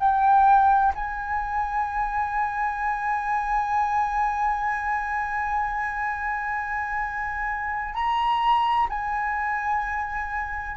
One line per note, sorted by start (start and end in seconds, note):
0.00 0.94 G5
0.95 7.95 G#5
7.95 8.88 A#5
8.90 10.78 G#5